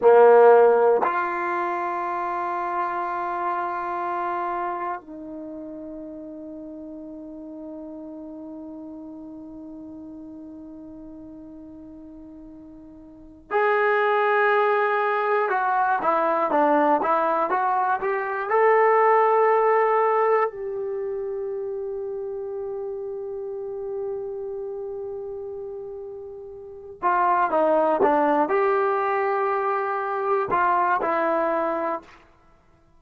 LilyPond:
\new Staff \with { instrumentName = "trombone" } { \time 4/4 \tempo 4 = 60 ais4 f'2.~ | f'4 dis'2.~ | dis'1~ | dis'4. gis'2 fis'8 |
e'8 d'8 e'8 fis'8 g'8 a'4.~ | a'8 g'2.~ g'8~ | g'2. f'8 dis'8 | d'8 g'2 f'8 e'4 | }